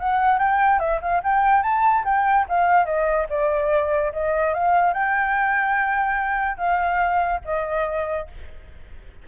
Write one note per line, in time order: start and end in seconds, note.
0.00 0.39 F#5
0.39 0.80 G5
0.80 1.00 E5
1.02 1.22 F5
1.24 1.63 G5
1.63 2.04 A5
2.05 2.46 G5
2.49 2.86 F5
2.86 3.27 D#5
3.30 4.12 D5
4.13 4.54 D#5
4.54 4.94 F5
4.94 6.58 G5
6.58 7.40 F5
7.45 8.28 D#5